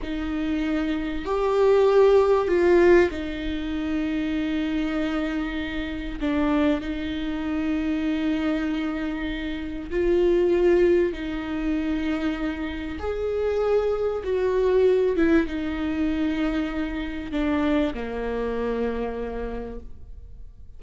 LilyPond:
\new Staff \with { instrumentName = "viola" } { \time 4/4 \tempo 4 = 97 dis'2 g'2 | f'4 dis'2.~ | dis'2 d'4 dis'4~ | dis'1 |
f'2 dis'2~ | dis'4 gis'2 fis'4~ | fis'8 e'8 dis'2. | d'4 ais2. | }